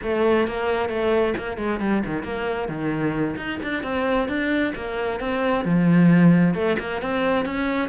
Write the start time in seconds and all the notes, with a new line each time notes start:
0.02 A3
0.47 A#3
0.89 A3
1.37 A#3
1.57 G#3
1.80 G3
2.05 D#3
2.23 A#3
2.68 D#3
3.36 D#4
3.63 D4
3.83 C4
4.28 D4
4.75 A#3
5.20 C4
5.64 F3
6.54 A3
6.79 A#3
7.01 C4
7.45 C#4